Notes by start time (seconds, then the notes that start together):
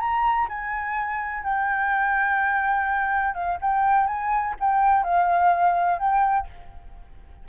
0.00 A#5
0.49 G#5
1.44 G5
3.35 F5
3.62 G5
4.07 G#5
4.60 G5
5.04 F5
6.00 G5